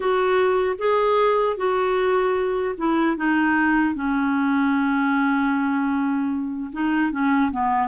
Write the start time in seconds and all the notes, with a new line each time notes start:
0.00 F#4
0.78 G#4
1.56 F#4
2.77 E4
3.16 D#4
3.95 C#4
6.72 D#4
7.11 C#4
7.51 B3